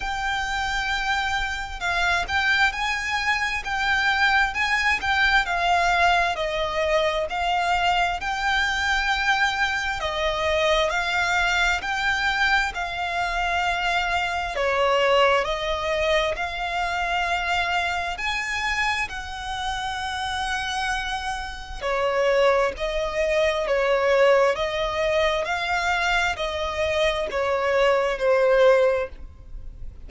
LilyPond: \new Staff \with { instrumentName = "violin" } { \time 4/4 \tempo 4 = 66 g''2 f''8 g''8 gis''4 | g''4 gis''8 g''8 f''4 dis''4 | f''4 g''2 dis''4 | f''4 g''4 f''2 |
cis''4 dis''4 f''2 | gis''4 fis''2. | cis''4 dis''4 cis''4 dis''4 | f''4 dis''4 cis''4 c''4 | }